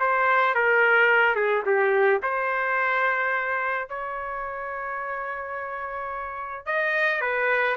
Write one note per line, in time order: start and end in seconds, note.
0.00 0.55 C5
0.55 1.36 A#4
1.36 1.64 G#4
1.66 2.21 G4
2.23 3.89 C5
3.89 6.66 C#5
6.66 7.21 D#5
7.21 7.77 B4